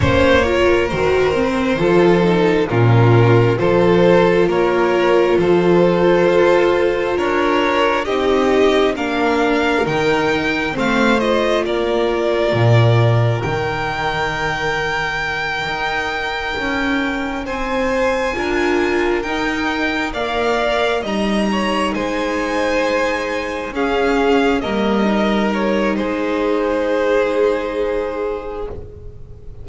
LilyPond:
<<
  \new Staff \with { instrumentName = "violin" } { \time 4/4 \tempo 4 = 67 cis''4 c''2 ais'4 | c''4 cis''4 c''2 | cis''4 dis''4 f''4 g''4 | f''8 dis''8 d''2 g''4~ |
g''2.~ g''8 gis''8~ | gis''4. g''4 f''4 ais''8~ | ais''8 gis''2 f''4 dis''8~ | dis''8 cis''8 c''2. | }
  \new Staff \with { instrumentName = "violin" } { \time 4/4 c''8 ais'4. a'4 f'4 | a'4 ais'4 a'2 | ais'4 g'4 ais'2 | c''4 ais'2.~ |
ais'2.~ ais'8 c''8~ | c''8 ais'2 d''4 dis''8 | cis''8 c''2 gis'4 ais'8~ | ais'4 gis'2. | }
  \new Staff \with { instrumentName = "viola" } { \time 4/4 cis'8 f'8 fis'8 c'8 f'8 dis'8 cis'4 | f'1~ | f'4 dis'4 d'4 dis'4 | c'8 f'2~ f'8 dis'4~ |
dis'1~ | dis'8 f'4 dis'4 ais'4 dis'8~ | dis'2~ dis'8 cis'4 ais8 | dis'1 | }
  \new Staff \with { instrumentName = "double bass" } { \time 4/4 ais4 dis4 f4 ais,4 | f4 ais4 f4 f'4 | d'4 c'4 ais4 dis4 | a4 ais4 ais,4 dis4~ |
dis4. dis'4 cis'4 c'8~ | c'8 d'4 dis'4 ais4 g8~ | g8 gis2 cis'4 g8~ | g4 gis2. | }
>>